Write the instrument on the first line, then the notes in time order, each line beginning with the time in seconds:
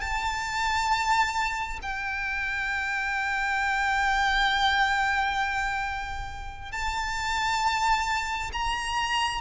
violin
0.00 A5
1.82 G5
6.72 A5
8.52 A#5